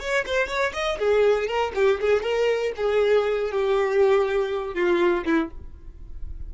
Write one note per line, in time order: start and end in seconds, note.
0.00 0.25 C#5
0.26 0.48 C5
0.48 0.73 C#5
0.73 0.98 D#5
0.99 1.47 G#4
1.47 1.72 A#4
1.75 2.00 G4
2.01 2.23 G#4
2.23 2.73 A#4
2.77 3.52 G#4
3.52 4.75 G4
4.75 5.25 F4
5.25 5.50 E4